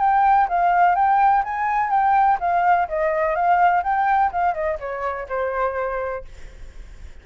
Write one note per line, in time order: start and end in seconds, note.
0.00 0.48 G5
0.49 0.96 F5
0.96 1.44 G5
1.45 1.90 G#5
1.90 2.38 G5
2.40 2.88 F5
2.89 3.36 D#5
3.36 3.84 F5
3.84 4.32 G5
4.33 4.54 F5
4.54 4.78 D#5
4.80 5.28 C#5
5.29 6.25 C5